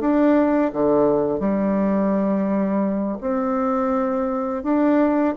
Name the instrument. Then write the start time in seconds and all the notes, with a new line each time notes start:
bassoon
0.00 D4
0.73 D3
1.39 G3
3.21 C4
4.63 D4